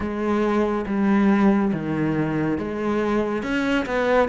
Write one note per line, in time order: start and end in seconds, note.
0.00 0.85 G#3
0.86 1.71 G3
1.73 2.58 D#3
2.58 3.42 G#3
3.42 3.85 C#4
3.86 4.29 B3